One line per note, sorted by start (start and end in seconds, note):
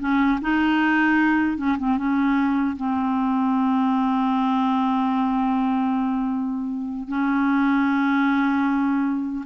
0.00 0.39 C#4
0.41 1.58 D#4
1.58 1.77 C#4
1.79 1.97 C4
1.97 2.76 C#4
2.77 7.08 C4
7.08 9.45 C#4